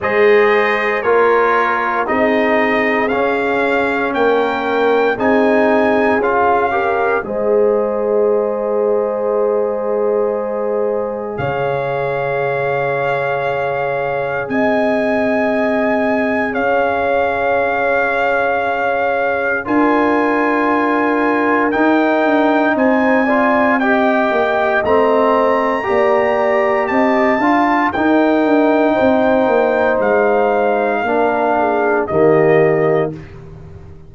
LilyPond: <<
  \new Staff \with { instrumentName = "trumpet" } { \time 4/4 \tempo 4 = 58 dis''4 cis''4 dis''4 f''4 | g''4 gis''4 f''4 dis''4~ | dis''2. f''4~ | f''2 gis''2 |
f''2. gis''4~ | gis''4 g''4 gis''4 g''4 | ais''2 a''4 g''4~ | g''4 f''2 dis''4 | }
  \new Staff \with { instrumentName = "horn" } { \time 4/4 c''4 ais'4 gis'2 | ais'4 gis'4. ais'8 c''4~ | c''2. cis''4~ | cis''2 dis''2 |
cis''2. ais'4~ | ais'2 c''8 d''8 dis''4~ | dis''4 d''4 dis''8 f''8 ais'4 | c''2 ais'8 gis'8 g'4 | }
  \new Staff \with { instrumentName = "trombone" } { \time 4/4 gis'4 f'4 dis'4 cis'4~ | cis'4 dis'4 f'8 g'8 gis'4~ | gis'1~ | gis'1~ |
gis'2. f'4~ | f'4 dis'4. f'8 g'4 | c'4 g'4. f'8 dis'4~ | dis'2 d'4 ais4 | }
  \new Staff \with { instrumentName = "tuba" } { \time 4/4 gis4 ais4 c'4 cis'4 | ais4 c'4 cis'4 gis4~ | gis2. cis4~ | cis2 c'2 |
cis'2. d'4~ | d'4 dis'8 d'8 c'4. ais8 | a4 ais4 c'8 d'8 dis'8 d'8 | c'8 ais8 gis4 ais4 dis4 | }
>>